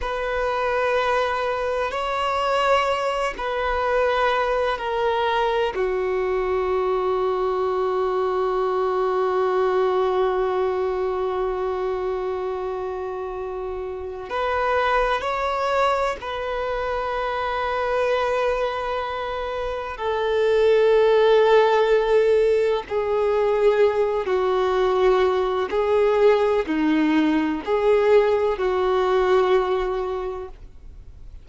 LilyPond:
\new Staff \with { instrumentName = "violin" } { \time 4/4 \tempo 4 = 63 b'2 cis''4. b'8~ | b'4 ais'4 fis'2~ | fis'1~ | fis'2. b'4 |
cis''4 b'2.~ | b'4 a'2. | gis'4. fis'4. gis'4 | dis'4 gis'4 fis'2 | }